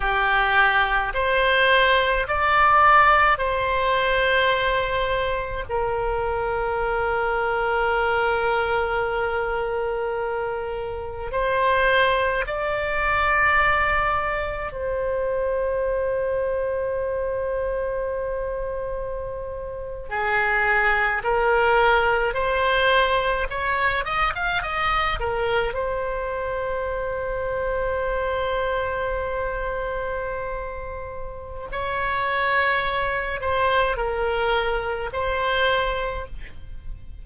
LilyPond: \new Staff \with { instrumentName = "oboe" } { \time 4/4 \tempo 4 = 53 g'4 c''4 d''4 c''4~ | c''4 ais'2.~ | ais'2 c''4 d''4~ | d''4 c''2.~ |
c''4.~ c''16 gis'4 ais'4 c''16~ | c''8. cis''8 dis''16 f''16 dis''8 ais'8 c''4~ c''16~ | c''1 | cis''4. c''8 ais'4 c''4 | }